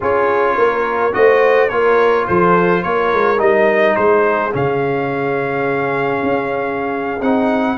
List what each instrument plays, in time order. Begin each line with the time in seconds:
0.00 tuba C#4, trombone F4, horn G#4, trumpet C#5
0.57 tuba A#3, horn A#4
1.12 tuba A3, trombone F#4, horn C5, trumpet D#5
1.69 tuba A#3, trombone F4, horn A#4, trumpet C#5
2.27 tuba F3, horn A4, trumpet C5
2.83 tuba A#3, horn A#4, trumpet C#5
3.12 tuba G#3
3.37 tuba G3, trombone D#4, trumpet D#5
3.96 tuba G#3, horn G#4, trumpet C5
4.51 tuba C#3, trombone C#4, trumpet F5
6.22 tuba C#4
7.21 tuba C4, trombone D#4, trumpet F#5